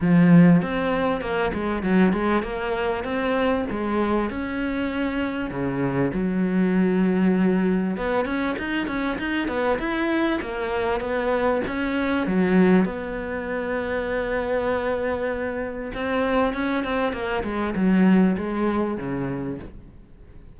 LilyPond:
\new Staff \with { instrumentName = "cello" } { \time 4/4 \tempo 4 = 98 f4 c'4 ais8 gis8 fis8 gis8 | ais4 c'4 gis4 cis'4~ | cis'4 cis4 fis2~ | fis4 b8 cis'8 dis'8 cis'8 dis'8 b8 |
e'4 ais4 b4 cis'4 | fis4 b2.~ | b2 c'4 cis'8 c'8 | ais8 gis8 fis4 gis4 cis4 | }